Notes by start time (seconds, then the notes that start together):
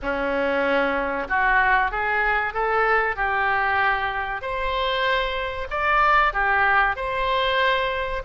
0.01 C#4
1.28 F#4
1.91 G#4
2.53 A4
3.16 G4
4.41 C5
5.70 D5
6.33 G4
6.96 C5